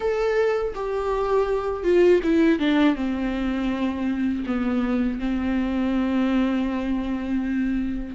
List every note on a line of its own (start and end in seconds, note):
0.00 0.73 A4
0.74 1.83 G4
1.83 2.20 F4
2.23 2.59 E4
2.59 2.95 D4
2.95 4.43 C4
4.46 5.19 B3
5.19 8.15 C4